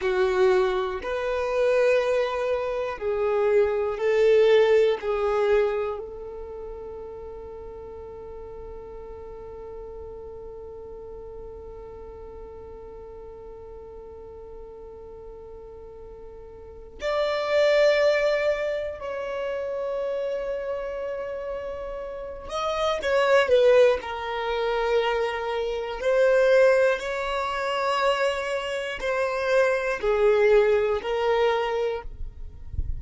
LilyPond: \new Staff \with { instrumentName = "violin" } { \time 4/4 \tempo 4 = 60 fis'4 b'2 gis'4 | a'4 gis'4 a'2~ | a'1~ | a'1~ |
a'4 d''2 cis''4~ | cis''2~ cis''8 dis''8 cis''8 b'8 | ais'2 c''4 cis''4~ | cis''4 c''4 gis'4 ais'4 | }